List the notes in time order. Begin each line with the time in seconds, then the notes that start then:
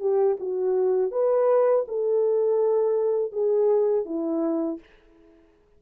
0.00 G4
0.40 F#4
1.11 B4
1.88 A4
3.32 G#4
4.05 E4